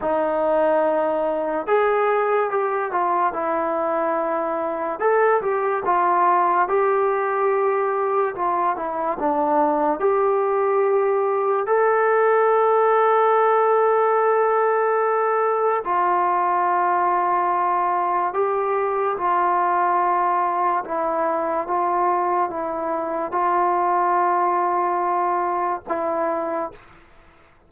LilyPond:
\new Staff \with { instrumentName = "trombone" } { \time 4/4 \tempo 4 = 72 dis'2 gis'4 g'8 f'8 | e'2 a'8 g'8 f'4 | g'2 f'8 e'8 d'4 | g'2 a'2~ |
a'2. f'4~ | f'2 g'4 f'4~ | f'4 e'4 f'4 e'4 | f'2. e'4 | }